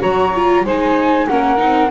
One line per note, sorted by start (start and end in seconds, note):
0.00 0.64 F#3
0.00 0.32 F#4
0.00 0.64 C#5
0.00 0.65 A#5
0.35 0.66 F4
0.64 1.28 G#3
0.64 1.29 D#4
0.64 1.28 C5
0.64 1.28 G#5
1.28 1.62 A#3
1.28 1.58 C#4
1.28 1.91 A#4
1.28 1.91 F#5
1.58 1.91 C4
1.58 1.89 D#4